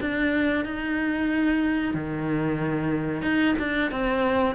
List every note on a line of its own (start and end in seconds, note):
0.00 0.64 D4
0.64 1.94 D#4
1.94 3.22 D#3
3.22 3.54 D#4
3.58 3.91 D4
3.91 4.55 C4